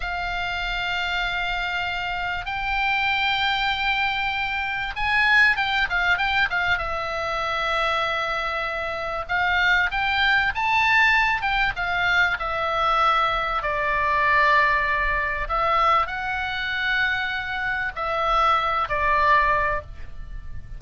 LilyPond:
\new Staff \with { instrumentName = "oboe" } { \time 4/4 \tempo 4 = 97 f''1 | g''1 | gis''4 g''8 f''8 g''8 f''8 e''4~ | e''2. f''4 |
g''4 a''4. g''8 f''4 | e''2 d''2~ | d''4 e''4 fis''2~ | fis''4 e''4. d''4. | }